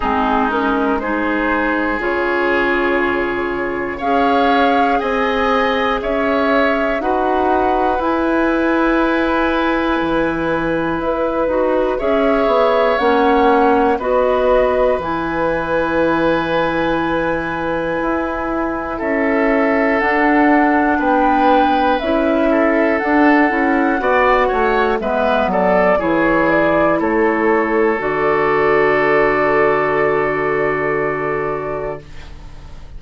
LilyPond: <<
  \new Staff \with { instrumentName = "flute" } { \time 4/4 \tempo 4 = 60 gis'8 ais'8 c''4 cis''2 | f''4 gis''4 e''4 fis''4 | gis''2. b'4 | e''4 fis''4 dis''4 gis''4~ |
gis''2. e''4 | fis''4 g''4 e''4 fis''4~ | fis''4 e''8 d''8 cis''8 d''8 cis''4 | d''1 | }
  \new Staff \with { instrumentName = "oboe" } { \time 4/4 dis'4 gis'2. | cis''4 dis''4 cis''4 b'4~ | b'1 | cis''2 b'2~ |
b'2. a'4~ | a'4 b'4. a'4. | d''8 cis''8 b'8 a'8 gis'4 a'4~ | a'1 | }
  \new Staff \with { instrumentName = "clarinet" } { \time 4/4 c'8 cis'8 dis'4 f'2 | gis'2. fis'4 | e'2.~ e'8 fis'8 | gis'4 cis'4 fis'4 e'4~ |
e'1 | d'2 e'4 d'8 e'8 | fis'4 b4 e'2 | fis'1 | }
  \new Staff \with { instrumentName = "bassoon" } { \time 4/4 gis2 cis2 | cis'4 c'4 cis'4 dis'4 | e'2 e4 e'8 dis'8 | cis'8 b8 ais4 b4 e4~ |
e2 e'4 cis'4 | d'4 b4 cis'4 d'8 cis'8 | b8 a8 gis8 fis8 e4 a4 | d1 | }
>>